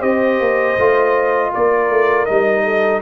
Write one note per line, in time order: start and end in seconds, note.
0.00 0.40 C4
0.00 0.76 G4
0.00 1.50 C5
0.00 1.52 D#5
0.40 0.78 A#3
0.78 1.53 A3
0.78 2.29 F4
1.53 1.90 A#3
1.53 2.64 A#4
1.53 2.26 D5
1.90 2.27 A3
2.26 3.02 G3
2.26 3.02 D#4
2.26 3.01 D#5
2.64 3.02 A4